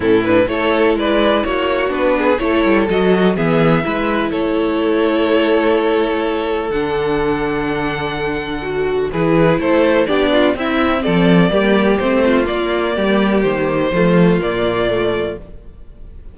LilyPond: <<
  \new Staff \with { instrumentName = "violin" } { \time 4/4 \tempo 4 = 125 a'8 b'8 cis''4 d''4 cis''4 | b'4 cis''4 dis''4 e''4~ | e''4 cis''2.~ | cis''2 fis''2~ |
fis''2. b'4 | c''4 d''4 e''4 d''4~ | d''4 c''4 d''2 | c''2 d''2 | }
  \new Staff \with { instrumentName = "violin" } { \time 4/4 e'4 a'4 b'4 fis'4~ | fis'8 gis'8 a'2 gis'4 | b'4 a'2.~ | a'1~ |
a'2. gis'4 | a'4 g'8 f'8 e'4 a'4 | g'4. f'4. g'4~ | g'4 f'2. | }
  \new Staff \with { instrumentName = "viola" } { \time 4/4 cis'8 d'8 e'2. | d'4 e'4 fis'4 b4 | e'1~ | e'2 d'2~ |
d'2 fis'4 e'4~ | e'4 d'4 c'2 | ais4 c'4 ais2~ | ais4 a4 ais4 a4 | }
  \new Staff \with { instrumentName = "cello" } { \time 4/4 a,4 a4 gis4 ais4 | b4 a8 g8 fis4 e4 | gis4 a2.~ | a2 d2~ |
d2. e4 | a4 b4 c'4 f4 | g4 a4 ais4 g4 | dis4 f4 ais,2 | }
>>